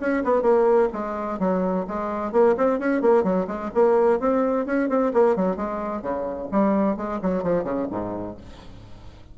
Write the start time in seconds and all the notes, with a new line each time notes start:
0.00 C#4
0.24 B3
0.42 A#3
0.93 G#3
1.39 F#3
1.88 G#3
2.32 A#3
2.57 C4
2.79 C#4
3.02 A#3
3.24 F#3
3.47 G#3
3.74 A#3
4.19 C4
4.66 C#4
4.89 C4
5.14 A#3
5.36 F#3
5.56 G#3
6.02 C#3
6.52 G3
6.97 G#3
7.22 F#3
7.43 F3
7.64 C#3
7.91 G#2